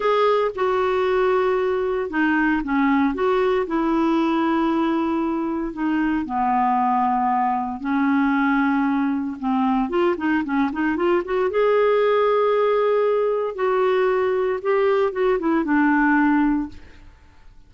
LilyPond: \new Staff \with { instrumentName = "clarinet" } { \time 4/4 \tempo 4 = 115 gis'4 fis'2. | dis'4 cis'4 fis'4 e'4~ | e'2. dis'4 | b2. cis'4~ |
cis'2 c'4 f'8 dis'8 | cis'8 dis'8 f'8 fis'8 gis'2~ | gis'2 fis'2 | g'4 fis'8 e'8 d'2 | }